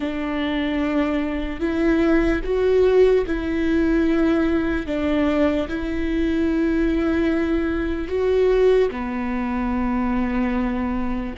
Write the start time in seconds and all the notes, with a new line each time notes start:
0.00 D4
1.60 E4
2.44 F#4
3.26 E4
4.86 D4
5.68 E4
8.08 F#4
8.91 B3